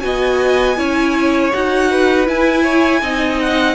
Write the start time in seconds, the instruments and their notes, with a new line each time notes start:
0.00 cello B3, viola F#4, violin D#5 G#5
0.76 cello C#4, viola E4, violin C#5
1.53 cello D#4, viola F#4, violin F#5
1.91 violin B4
2.26 viola E4, cello E4, violin G#5
2.63 violin C#5
3.02 cello C4, viola D#4, violin D#5
3.40 violin F#5